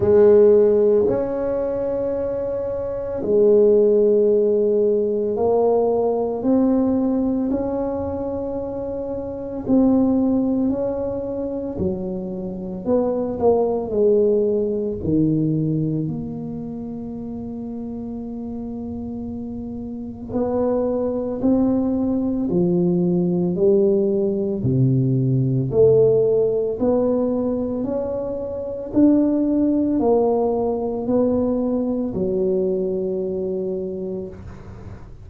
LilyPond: \new Staff \with { instrumentName = "tuba" } { \time 4/4 \tempo 4 = 56 gis4 cis'2 gis4~ | gis4 ais4 c'4 cis'4~ | cis'4 c'4 cis'4 fis4 | b8 ais8 gis4 dis4 ais4~ |
ais2. b4 | c'4 f4 g4 c4 | a4 b4 cis'4 d'4 | ais4 b4 fis2 | }